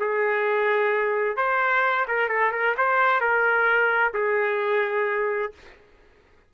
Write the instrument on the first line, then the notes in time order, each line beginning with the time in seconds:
trumpet
0.00 G#4
1.37 C5
2.09 A#4
2.29 A4
2.52 A#4
2.78 C5
3.21 A#4
4.14 G#4